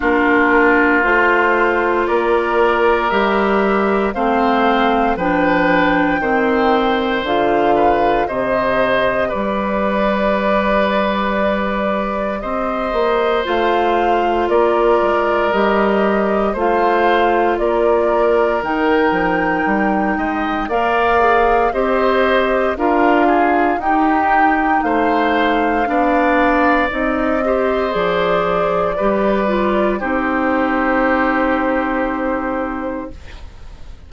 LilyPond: <<
  \new Staff \with { instrumentName = "flute" } { \time 4/4 \tempo 4 = 58 ais'4 c''4 d''4 e''4 | f''4 g''2 f''4 | dis''4 d''2. | dis''4 f''4 d''4 dis''4 |
f''4 d''4 g''2 | f''4 dis''4 f''4 g''4 | f''2 dis''4 d''4~ | d''4 c''2. | }
  \new Staff \with { instrumentName = "oboe" } { \time 4/4 f'2 ais'2 | c''4 b'4 c''4. b'8 | c''4 b'2. | c''2 ais'2 |
c''4 ais'2~ ais'8 dis''8 | d''4 c''4 ais'8 gis'8 g'4 | c''4 d''4. c''4. | b'4 g'2. | }
  \new Staff \with { instrumentName = "clarinet" } { \time 4/4 d'4 f'2 g'4 | c'4 d'4 c'4 f'4 | g'1~ | g'4 f'2 g'4 |
f'2 dis'2 | ais'8 gis'8 g'4 f'4 dis'4~ | dis'4 d'4 dis'8 g'8 gis'4 | g'8 f'8 dis'2. | }
  \new Staff \with { instrumentName = "bassoon" } { \time 4/4 ais4 a4 ais4 g4 | a4 f4 dis4 d4 | c4 g2. | c'8 ais8 a4 ais8 gis8 g4 |
a4 ais4 dis8 f8 g8 gis8 | ais4 c'4 d'4 dis'4 | a4 b4 c'4 f4 | g4 c'2. | }
>>